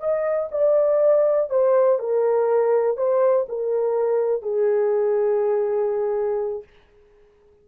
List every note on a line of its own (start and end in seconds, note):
0.00 0.49 D#5
0.51 1.50 D5
1.50 1.99 C5
1.99 2.97 A#4
2.97 3.46 C5
3.49 4.42 A#4
4.42 6.64 G#4